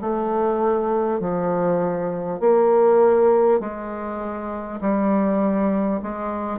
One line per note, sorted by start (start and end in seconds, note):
0.00 1.20 A3
1.20 2.40 F3
2.40 3.59 A#3
3.59 4.79 G#3
4.80 6.00 G3
6.02 6.58 G#3